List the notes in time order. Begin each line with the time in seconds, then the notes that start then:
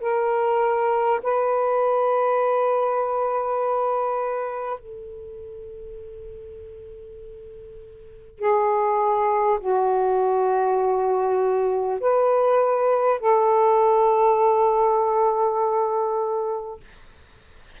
0.00 A#4
1.23 B4
4.79 A4
8.38 G#4
9.59 F#4
12.00 B4
13.20 A4